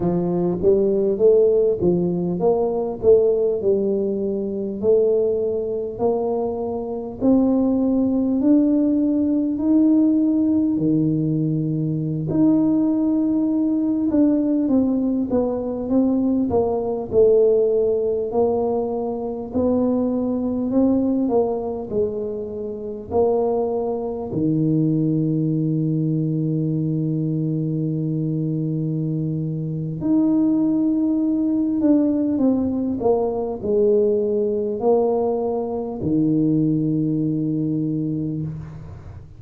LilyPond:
\new Staff \with { instrumentName = "tuba" } { \time 4/4 \tempo 4 = 50 f8 g8 a8 f8 ais8 a8 g4 | a4 ais4 c'4 d'4 | dis'4 dis4~ dis16 dis'4. d'16~ | d'16 c'8 b8 c'8 ais8 a4 ais8.~ |
ais16 b4 c'8 ais8 gis4 ais8.~ | ais16 dis2.~ dis8.~ | dis4 dis'4. d'8 c'8 ais8 | gis4 ais4 dis2 | }